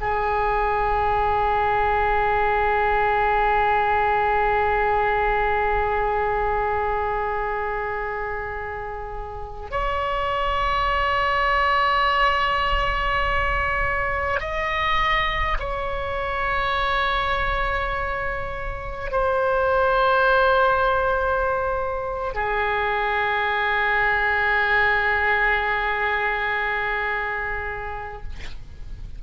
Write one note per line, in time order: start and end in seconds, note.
0.00 9.71 G#4
9.71 14.40 C#5
14.40 15.58 D#5
15.59 19.11 C#5
19.11 22.34 C5
22.34 28.22 G#4